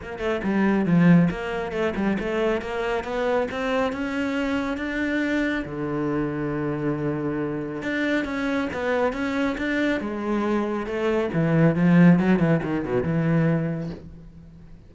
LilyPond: \new Staff \with { instrumentName = "cello" } { \time 4/4 \tempo 4 = 138 ais8 a8 g4 f4 ais4 | a8 g8 a4 ais4 b4 | c'4 cis'2 d'4~ | d'4 d2.~ |
d2 d'4 cis'4 | b4 cis'4 d'4 gis4~ | gis4 a4 e4 f4 | fis8 e8 dis8 b,8 e2 | }